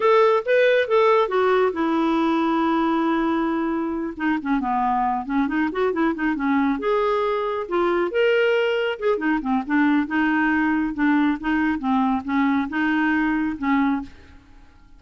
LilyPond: \new Staff \with { instrumentName = "clarinet" } { \time 4/4 \tempo 4 = 137 a'4 b'4 a'4 fis'4 | e'1~ | e'4. dis'8 cis'8 b4. | cis'8 dis'8 fis'8 e'8 dis'8 cis'4 gis'8~ |
gis'4. f'4 ais'4.~ | ais'8 gis'8 dis'8 c'8 d'4 dis'4~ | dis'4 d'4 dis'4 c'4 | cis'4 dis'2 cis'4 | }